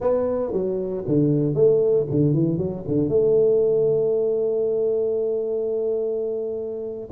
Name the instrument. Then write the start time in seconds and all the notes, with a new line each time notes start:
tuba
0.00 B3
0.52 F#3
1.07 D3
1.54 A3
2.10 D3
2.33 E3
2.57 F#3
2.87 D3
3.08 A3